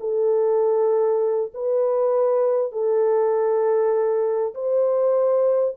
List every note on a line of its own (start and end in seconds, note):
0.00 1.52 A4
1.54 2.72 B4
2.72 4.54 A4
4.55 5.76 C5